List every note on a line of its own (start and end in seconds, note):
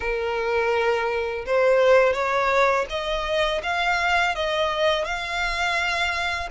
0.00 1.45 A#4
1.46 2.13 C5
2.13 2.85 C#5
2.89 3.61 D#5
3.62 4.35 F5
4.35 5.04 D#5
5.04 6.49 F5